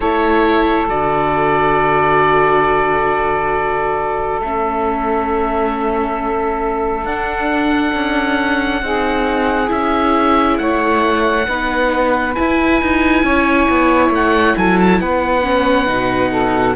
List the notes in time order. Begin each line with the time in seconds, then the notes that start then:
0.00 A3 E4 A4 C#5
0.89 D3 F#4 D5
4.40 A3 C#4 E5
7.04 D4 F#5
7.94 C#4
8.81 C4 D#4 G#4
9.67 C#4 E4 E5
10.57 A3 C#5 F#5
11.47 B3 D#4 B4
12.34 E4 G#5
12.81 D#4
13.23 C#4 C#5
13.69 B3
14.10 A3 F#5
14.56 F#3 A4 G#5
14.79 A5
15.00 B3 B4 F#5
15.42 C#4
15.86 B2 D#4
16.31 A4